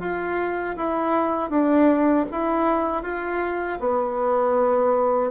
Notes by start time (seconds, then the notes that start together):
0.00 F4
0.77 E4
1.50 D4
2.32 E4
3.03 F4
3.80 B3